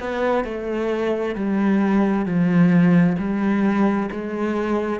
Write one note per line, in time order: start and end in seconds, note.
0.00 0.44 B3
0.44 1.35 A3
1.35 2.25 G3
2.25 3.16 F3
3.19 4.10 G3
4.12 5.00 G#3